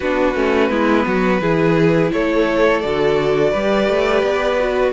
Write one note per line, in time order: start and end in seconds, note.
0.00 0.35 B3
0.00 0.35 D4
0.00 0.70 F#4
0.00 2.11 B4
0.35 0.69 A3
0.35 0.70 C#4
0.69 1.05 G#3
0.69 1.41 B3
0.69 1.06 E4
1.06 1.41 F#3
1.06 1.40 F#4
1.40 2.11 E3
1.40 2.82 E4
1.40 2.11 G#4
2.12 2.83 A3
2.12 3.50 A4
2.12 2.80 C#5
2.80 3.54 D3
2.80 3.54 F#4
2.80 4.92 D5
3.50 3.88 G3
3.50 4.59 G4
3.50 4.91 B4
3.88 4.22 A3
4.22 4.93 B3
4.59 4.93 F#4